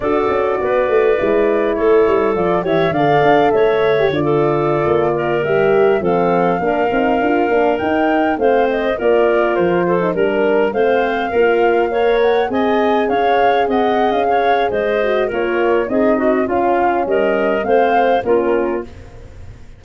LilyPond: <<
  \new Staff \with { instrumentName = "flute" } { \time 4/4 \tempo 4 = 102 d''2. cis''4 | d''8 e''8 f''4 e''4 d''4~ | d''4~ d''16 e''4 f''4.~ f''16~ | f''4~ f''16 g''4 f''8 dis''8 d''8.~ |
d''16 c''4 ais'4 f''4.~ f''16~ | f''8. fis''8 gis''4 f''4 fis''8. | f''4 dis''4 cis''4 dis''4 | f''4 dis''4 f''4 ais'4 | }
  \new Staff \with { instrumentName = "clarinet" } { \time 4/4 a'4 b'2 a'4~ | a'8 cis''8 d''4 cis''4~ cis''16 a'8.~ | a'8. ais'4. a'4 ais'8.~ | ais'2~ ais'16 c''4 ais'8.~ |
ais'8. a'8 ais'4 c''4 ais'8.~ | ais'16 cis''4 dis''4 cis''4 dis''8.~ | dis''16 cis''8. c''4 ais'4 gis'8 fis'8 | f'4 ais'4 c''4 f'4 | }
  \new Staff \with { instrumentName = "horn" } { \time 4/4 fis'2 e'2 | f'8 g'8 a'4.~ a'16 g'16 f'4~ | f'4~ f'16 g'4 c'4 d'8 dis'16~ | dis'16 f'8 d'8 dis'4 c'4 f'8.~ |
f'4 dis'16 d'4 c'4 f'8.~ | f'16 ais'4 gis'2~ gis'8.~ | gis'4. fis'8 f'4 dis'4 | cis'2 c'4 cis'4 | }
  \new Staff \with { instrumentName = "tuba" } { \time 4/4 d'8 cis'8 b8 a8 gis4 a8 g8 | f8 e8 d8 d'8 a4 d4~ | d16 ais4 g4 f4 ais8 c'16~ | c'16 d'8 ais8 dis'4 a4 ais8.~ |
ais16 f4 g4 a4 ais8.~ | ais4~ ais16 c'4 cis'4 c'8. | cis'4 gis4 ais4 c'4 | cis'4 g4 a4 ais4 | }
>>